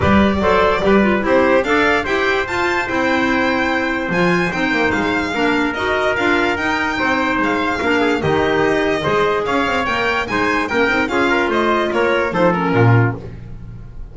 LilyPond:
<<
  \new Staff \with { instrumentName = "violin" } { \time 4/4 \tempo 4 = 146 d''2. c''4 | f''4 g''4 a''4 g''4~ | g''2 gis''4 g''4 | f''2 dis''4 f''4 |
g''2 f''2 | dis''2. f''4 | g''4 gis''4 g''4 f''4 | dis''4 cis''4 c''8 ais'4. | }
  \new Staff \with { instrumentName = "trumpet" } { \time 4/4 b'4 c''4 b'4 g'4 | d''4 c''2.~ | c''1~ | c''4 ais'2.~ |
ais'4 c''2 ais'8 gis'8 | g'2 c''4 cis''4~ | cis''4 c''4 ais'4 gis'8 ais'8 | c''4 ais'4 a'4 f'4 | }
  \new Staff \with { instrumentName = "clarinet" } { \time 4/4 g'4 a'4 g'8 f'8 e'4 | a'4 g'4 f'4 e'4~ | e'2 f'4 dis'4~ | dis'4 d'4 fis'4 f'4 |
dis'2. d'4 | dis'2 gis'2 | ais'4 dis'4 cis'8 dis'8 f'4~ | f'2 dis'8 cis'4. | }
  \new Staff \with { instrumentName = "double bass" } { \time 4/4 g4 fis4 g4 c'4 | d'4 e'4 f'4 c'4~ | c'2 f4 c'8 ais8 | gis4 ais4 dis'4 d'4 |
dis'4 c'4 gis4 ais4 | dis2 gis4 cis'8 c'8 | ais4 gis4 ais8 c'8 cis'4 | a4 ais4 f4 ais,4 | }
>>